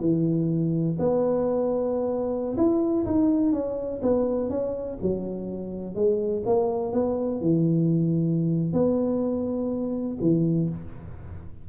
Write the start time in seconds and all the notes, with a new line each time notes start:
0.00 E3
0.99 B3
2.57 E4
3.05 D#4
3.52 C#4
4.02 B3
4.50 C#4
5.01 F#3
5.94 G#3
6.46 A#3
6.92 B3
7.41 E3
8.73 B3
10.20 E3